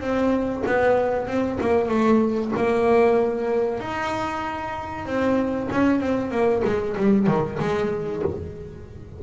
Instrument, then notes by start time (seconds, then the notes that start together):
double bass
0.00 C4
0.66 B3
1.27 C4
1.60 A#3
1.89 A3
2.56 A#3
3.80 D#4
5.06 C4
5.71 C#4
6.00 C4
6.31 A#3
6.65 G#3
6.97 G3
7.27 D#3
7.60 G#3